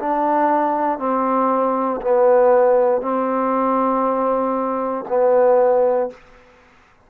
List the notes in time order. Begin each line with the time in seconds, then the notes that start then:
0.00 D4
0.99 C4
2.02 B3
3.02 C4
5.09 B3